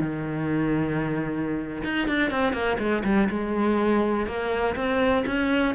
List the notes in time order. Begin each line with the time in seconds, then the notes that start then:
0.00 D#3
1.84 D#4
2.08 D4
2.31 C4
2.53 A#3
2.79 G#3
3.04 G3
3.30 G#3
4.27 A#3
4.76 C4
5.26 C#4